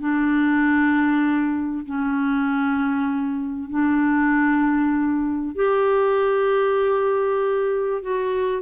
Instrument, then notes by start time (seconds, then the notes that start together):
clarinet
0.00 D4
1.86 C#4
3.70 D4
5.56 G4
8.02 F#4